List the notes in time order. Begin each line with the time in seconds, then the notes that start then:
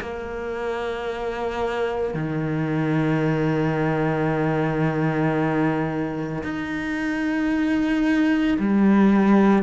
0.00 A#3
2.14 D#3
6.43 D#4
8.59 G3